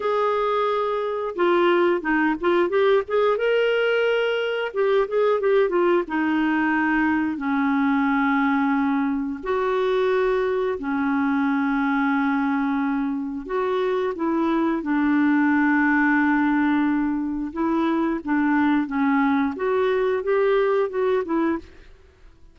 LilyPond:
\new Staff \with { instrumentName = "clarinet" } { \time 4/4 \tempo 4 = 89 gis'2 f'4 dis'8 f'8 | g'8 gis'8 ais'2 g'8 gis'8 | g'8 f'8 dis'2 cis'4~ | cis'2 fis'2 |
cis'1 | fis'4 e'4 d'2~ | d'2 e'4 d'4 | cis'4 fis'4 g'4 fis'8 e'8 | }